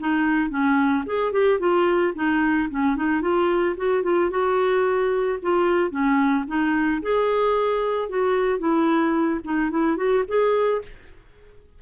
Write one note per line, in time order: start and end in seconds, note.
0.00 0.50 D#4
0.50 1.04 C#4
1.06 1.33 G#4
1.33 1.60 G4
1.60 2.14 F4
2.15 2.70 D#4
2.71 2.97 C#4
2.97 3.22 D#4
3.22 3.76 F4
3.77 4.03 F#4
4.03 4.30 F4
4.31 5.39 F#4
5.43 5.91 F4
5.91 6.45 C#4
6.48 7.02 D#4
7.03 8.09 G#4
8.09 8.59 F#4
8.59 9.41 E4
9.45 9.71 D#4
9.71 9.97 E4
9.97 10.24 F#4
10.28 10.82 G#4